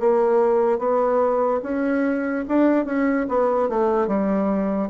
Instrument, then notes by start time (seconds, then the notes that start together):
bassoon
0.00 A#3
0.79 B3
1.63 C#4
2.48 D4
2.85 C#4
3.29 B3
3.69 A3
4.08 G3